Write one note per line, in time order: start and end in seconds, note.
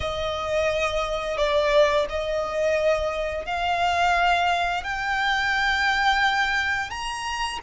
0.00 1.37 D#5
1.37 2.06 D5
2.09 3.45 D#5
3.45 4.83 F5
4.83 6.90 G5
6.90 7.59 A#5